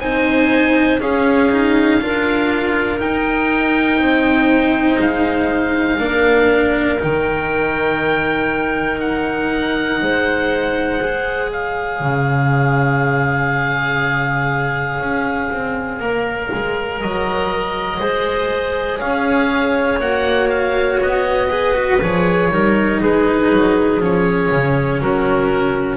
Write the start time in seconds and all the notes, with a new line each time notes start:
0.00 C4 D#4 C5 G#5
1.00 C#4 G#4 F5
1.51 D#4
2.01 D4 F4 A#4
2.98 D#4 G5
3.98 C4 C5
4.99 G#3 F5
5.98 A#3 D4 A#4
6.99 D#3 D#4 G5
9.00 F#5
10.01 G#3 C5
11.01 G#4
11.50 C#5 F5
12.00 C#3
15.00 C#4
15.51 C4
16.00 A#3 A#4
16.54 G#3
17.01 F#3 D#5
17.99 G#3 G#4 C5
18.99 C#4 C#5 F5
20.00 A#3 F#4 F#5
20.50 F5
21.00 B3 D#5
21.49 G#4 B4
21.74 F#4
22.02 F3 G#4 C#5
22.51 G3 D#4 A#4
23.01 G#3 G#4 B4
23.52 F#3
24.00 F3 C#4 C#5
24.51 C#3
25.00 F#3 F#4 A#4